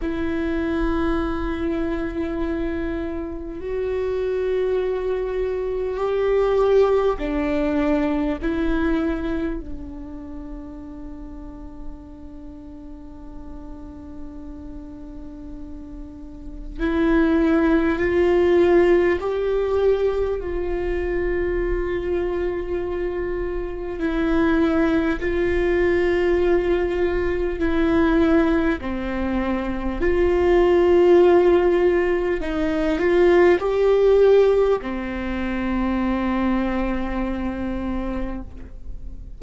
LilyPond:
\new Staff \with { instrumentName = "viola" } { \time 4/4 \tempo 4 = 50 e'2. fis'4~ | fis'4 g'4 d'4 e'4 | d'1~ | d'2 e'4 f'4 |
g'4 f'2. | e'4 f'2 e'4 | c'4 f'2 dis'8 f'8 | g'4 c'2. | }